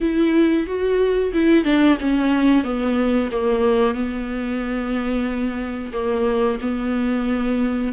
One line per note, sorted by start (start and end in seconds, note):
0.01 0.66 E4
0.66 1.32 F#4
1.33 1.64 E4
1.64 1.97 D4
2.00 2.64 C#4
2.64 3.30 B3
3.31 3.94 A#3
3.94 5.92 B3
5.93 6.58 A#3
6.61 7.92 B3